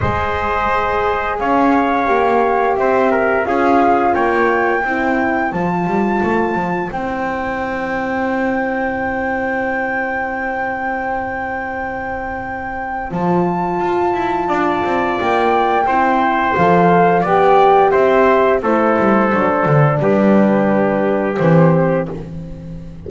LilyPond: <<
  \new Staff \with { instrumentName = "flute" } { \time 4/4 \tempo 4 = 87 dis''2 f''2 | e''4 f''4 g''2 | a''2 g''2~ | g''1~ |
g''2. a''4~ | a''2 g''2 | f''4 g''4 e''4 c''4~ | c''4 b'2 c''4 | }
  \new Staff \with { instrumentName = "trumpet" } { \time 4/4 c''2 cis''2 | c''8 ais'8 gis'4 cis''4 c''4~ | c''1~ | c''1~ |
c''1~ | c''4 d''2 c''4~ | c''4 d''4 c''4 a'4~ | a'4 g'2. | }
  \new Staff \with { instrumentName = "horn" } { \time 4/4 gis'2. g'4~ | g'4 f'2 e'4 | f'2 e'2~ | e'1~ |
e'2. f'4~ | f'2. e'4 | a'4 g'2 e'4 | d'2. c'4 | }
  \new Staff \with { instrumentName = "double bass" } { \time 4/4 gis2 cis'4 ais4 | c'4 cis'4 ais4 c'4 | f8 g8 a8 f8 c'2~ | c'1~ |
c'2. f4 | f'8 e'8 d'8 c'8 ais4 c'4 | f4 b4 c'4 a8 g8 | fis8 d8 g2 e4 | }
>>